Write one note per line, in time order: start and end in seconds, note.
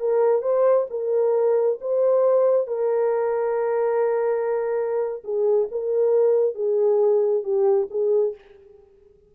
0.00 0.42 A#4
0.42 0.87 C5
0.91 1.80 A#4
1.81 2.68 C5
2.68 5.23 A#4
5.24 5.69 G#4
5.72 6.56 A#4
6.56 7.44 G#4
7.44 7.88 G4
7.91 8.35 G#4